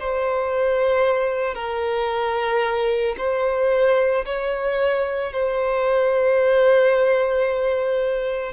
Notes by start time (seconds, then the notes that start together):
0.00 C5
1.55 A#4
3.18 C5
4.26 C#5
5.33 C5